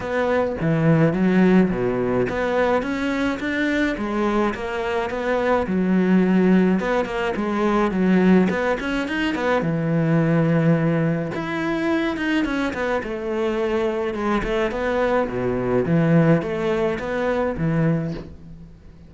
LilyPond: \new Staff \with { instrumentName = "cello" } { \time 4/4 \tempo 4 = 106 b4 e4 fis4 b,4 | b4 cis'4 d'4 gis4 | ais4 b4 fis2 | b8 ais8 gis4 fis4 b8 cis'8 |
dis'8 b8 e2. | e'4. dis'8 cis'8 b8 a4~ | a4 gis8 a8 b4 b,4 | e4 a4 b4 e4 | }